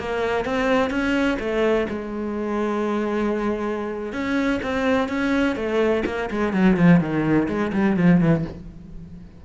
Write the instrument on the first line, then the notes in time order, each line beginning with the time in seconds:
cello
0.00 A#3
0.46 C4
0.91 C#4
1.40 A3
1.90 G#3
4.13 C#4
4.63 C4
5.09 C#4
5.56 A3
6.06 A#3
6.31 G#3
6.53 F#3
6.77 F3
7.01 D#3
7.48 G#3
7.73 G3
7.97 F3
8.21 E3